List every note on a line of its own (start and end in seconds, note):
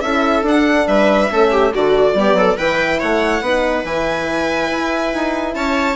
0.00 0.42 C#4
0.00 0.45 E4
0.00 0.87 A4
0.00 0.43 E5
0.42 0.85 D4
0.42 1.30 D4
0.42 0.87 F#5
0.87 1.30 G3
0.87 1.30 B4
0.87 1.72 E5
1.30 1.73 A3
1.30 1.72 C#4
1.30 1.50 A4
1.50 1.72 G4
1.73 2.14 D3
1.73 2.15 D4
1.73 2.16 F#4
1.73 2.57 D5
2.14 2.33 G3
2.14 2.57 B3
2.14 2.37 G4
2.33 2.54 F#3
2.33 2.57 A4
2.57 3.01 E3
2.57 3.42 E4
2.57 2.99 B4
2.57 3.00 G5
2.99 3.41 A3
2.99 3.42 C#5
2.99 3.84 F#5
3.41 3.83 B3
3.41 3.85 D#4
3.41 5.55 B4
3.84 4.69 E3
3.84 5.96 E4
3.84 5.54 G#5
4.71 5.14 E4
5.14 5.54 D#4
5.54 5.96 C#4
5.54 5.96 C#5
5.54 5.96 A5